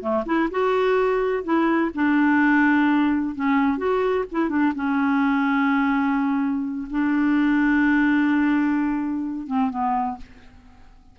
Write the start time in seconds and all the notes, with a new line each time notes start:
0.00 A3
0.25 E4
0.50 F#4
1.43 E4
1.94 D4
3.35 C#4
3.77 F#4
4.31 E4
4.49 D4
4.75 C#4
6.90 D4
9.47 C4
9.70 B3